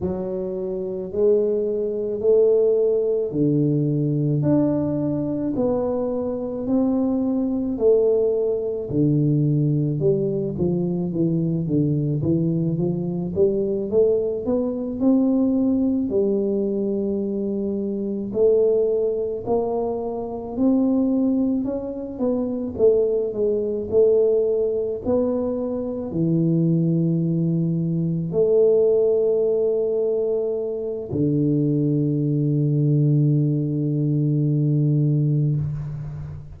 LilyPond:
\new Staff \with { instrumentName = "tuba" } { \time 4/4 \tempo 4 = 54 fis4 gis4 a4 d4 | d'4 b4 c'4 a4 | d4 g8 f8 e8 d8 e8 f8 | g8 a8 b8 c'4 g4.~ |
g8 a4 ais4 c'4 cis'8 | b8 a8 gis8 a4 b4 e8~ | e4. a2~ a8 | d1 | }